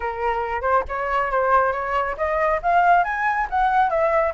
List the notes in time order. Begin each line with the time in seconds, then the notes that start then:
0.00 A#4
0.61 C5
0.88 C#5
1.31 C5
1.72 C#5
2.17 D#5
2.62 F5
3.04 G#5
3.50 F#5
3.90 E5